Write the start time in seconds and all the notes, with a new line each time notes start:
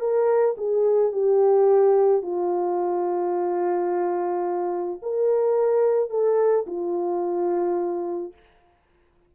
0.00 A#4
0.58 G#4
1.13 G4
2.23 F4
5.03 A#4
6.10 A4
6.67 F4